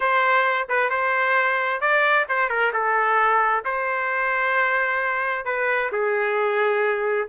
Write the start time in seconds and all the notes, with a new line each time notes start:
0.00 C5
0.69 B4
0.90 C5
1.80 D5
2.28 C5
2.49 A#4
2.73 A4
3.65 C5
5.45 B4
5.92 G#4